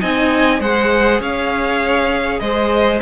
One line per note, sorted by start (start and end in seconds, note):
0.00 0.59 C4
0.00 0.59 D#4
0.00 0.60 D#5
0.00 0.61 G#5
0.59 1.19 G#3
0.59 2.99 G#4
0.59 1.20 C5
0.59 1.21 F#5
1.20 2.40 C#4
1.20 2.40 C#5
1.20 2.39 F5
2.39 3.00 G#3
2.39 3.01 C5
2.39 2.99 D#5